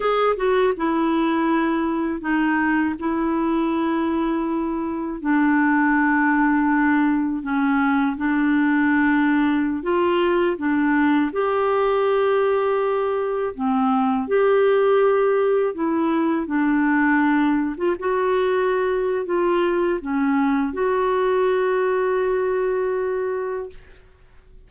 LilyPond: \new Staff \with { instrumentName = "clarinet" } { \time 4/4 \tempo 4 = 81 gis'8 fis'8 e'2 dis'4 | e'2. d'4~ | d'2 cis'4 d'4~ | d'4~ d'16 f'4 d'4 g'8.~ |
g'2~ g'16 c'4 g'8.~ | g'4~ g'16 e'4 d'4.~ d'16 | f'16 fis'4.~ fis'16 f'4 cis'4 | fis'1 | }